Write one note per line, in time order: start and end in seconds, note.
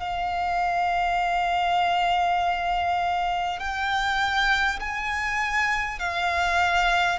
0.00 3.59 F5
3.59 4.79 G5
4.79 5.99 G#5
5.99 7.19 F5